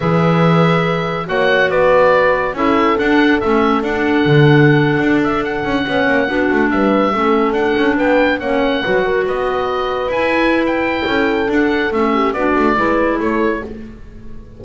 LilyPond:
<<
  \new Staff \with { instrumentName = "oboe" } { \time 4/4 \tempo 4 = 141 e''2. fis''4 | d''2 e''4 fis''4 | e''4 fis''2.~ | fis''16 e''8 fis''2. e''16~ |
e''4.~ e''16 fis''4 g''4 fis''16~ | fis''4.~ fis''16 dis''2 gis''16~ | gis''4 g''2 fis''4 | e''4 d''2 cis''4 | }
  \new Staff \with { instrumentName = "horn" } { \time 4/4 b'2. cis''4 | b'2 a'2~ | a'1~ | a'4.~ a'16 cis''4 fis'4 b'16~ |
b'8. a'2 b'4 cis''16~ | cis''8. b'8 ais'8 b'2~ b'16~ | b'2 a'2~ | a'8 g'8 fis'4 b'4 a'4 | }
  \new Staff \with { instrumentName = "clarinet" } { \time 4/4 gis'2. fis'4~ | fis'2 e'4 d'4 | cis'4 d'2.~ | d'4.~ d'16 cis'4 d'4~ d'16~ |
d'8. cis'4 d'2 cis'16~ | cis'8. fis'2. e'16~ | e'2. d'4 | cis'4 d'4 e'2 | }
  \new Staff \with { instrumentName = "double bass" } { \time 4/4 e2. ais4 | b2 cis'4 d'4 | a4 d'4 d4.~ d16 d'16~ | d'4~ d'16 cis'8 b8 ais8 b8 a8 g16~ |
g8. a4 d'8 cis'8 b4 ais16~ | ais8. fis4 b2 e'16~ | e'2 cis'4 d'4 | a4 b8 a8 gis4 a4 | }
>>